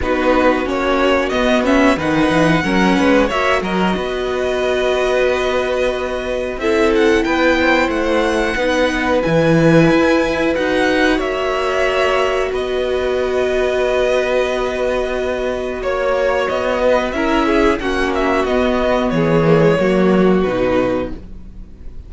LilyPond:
<<
  \new Staff \with { instrumentName = "violin" } { \time 4/4 \tempo 4 = 91 b'4 cis''4 dis''8 e''8 fis''4~ | fis''4 e''8 dis''2~ dis''8~ | dis''2 e''8 fis''8 g''4 | fis''2 gis''2 |
fis''4 e''2 dis''4~ | dis''1 | cis''4 dis''4 e''4 fis''8 e''8 | dis''4 cis''2 b'4 | }
  \new Staff \with { instrumentName = "violin" } { \time 4/4 fis'2. b'4 | ais'8 b'8 cis''8 ais'8 b'2~ | b'2 a'4 b'8 c''8~ | c''4 b'2.~ |
b'4 cis''2 b'4~ | b'1 | cis''4. b'8 ais'8 gis'8 fis'4~ | fis'4 gis'4 fis'2 | }
  \new Staff \with { instrumentName = "viola" } { \time 4/4 dis'4 cis'4 b8 cis'8 dis'4 | cis'4 fis'2.~ | fis'2 e'2~ | e'4 dis'4 e'2 |
fis'1~ | fis'1~ | fis'2 e'4 cis'4 | b4. ais16 gis16 ais4 dis'4 | }
  \new Staff \with { instrumentName = "cello" } { \time 4/4 b4 ais4 b4 dis8 e8 | fis8 gis8 ais8 fis8 b2~ | b2 c'4 b4 | a4 b4 e4 e'4 |
dis'4 ais2 b4~ | b1 | ais4 b4 cis'4 ais4 | b4 e4 fis4 b,4 | }
>>